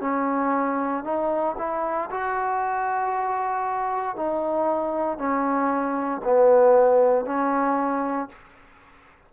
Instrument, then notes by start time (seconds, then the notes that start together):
trombone
0.00 C#4
1.03 D#4
1.58 E4
2.10 F#4
4.16 D#4
5.17 C#4
6.24 B3
7.25 C#4